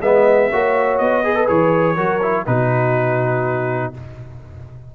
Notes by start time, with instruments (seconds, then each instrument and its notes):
0.00 tuba G#3, trombone B3, horn D#5, trumpet E5
0.50 tuba A#3, trombone F#4, horn C#5
0.98 tuba B3, trumpet D#5
1.23 trombone G#4, horn B4
1.35 trombone A4
1.47 tuba E3, trombone G#4, trumpet C#5
1.95 tuba F#3, trombone F#4, horn A#4
2.22 trombone E4
2.46 tuba B2, trombone D#4, horn F#4, trumpet B4